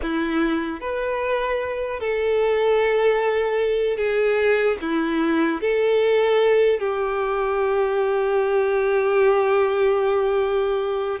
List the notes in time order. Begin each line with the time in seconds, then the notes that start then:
0.02 E4
0.80 B4
2.00 A4
3.97 G#4
4.81 E4
5.61 A4
6.79 G4